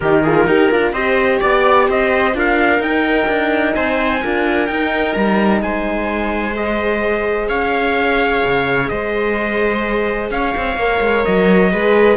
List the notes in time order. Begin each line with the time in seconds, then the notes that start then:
0.00 D#3 D#4 G4 A#4
0.22 F4 G#4
0.47 D#4 G4 A#4
0.71 D4 F4
0.92 C4 G4 C5 D#5
1.40 B3 D5
1.88 C4 C5 D#5
2.33 D4 F4 A#4 F5
2.79 D#4 G5
3.27 D4
3.74 C4 C5 G#5
4.22 D4 F4 A#4
4.66 D#4 G5
5.13 G3 A#5
5.61 G#3 C5 G#5
6.53 G#4 D#5
7.48 C#4 C#5 F5
8.44 C#3
8.88 G#3 C5 D#5
10.30 C#4 C#5 F5
10.56 C4
10.76 A#3 A#4
11.00 G#3
11.25 F#3 D#5
11.71 G#3 G#4 B4